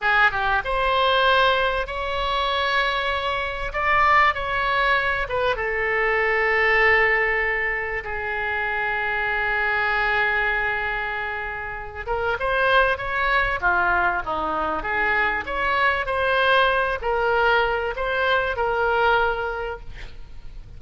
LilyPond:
\new Staff \with { instrumentName = "oboe" } { \time 4/4 \tempo 4 = 97 gis'8 g'8 c''2 cis''4~ | cis''2 d''4 cis''4~ | cis''8 b'8 a'2.~ | a'4 gis'2.~ |
gis'2.~ gis'8 ais'8 | c''4 cis''4 f'4 dis'4 | gis'4 cis''4 c''4. ais'8~ | ais'4 c''4 ais'2 | }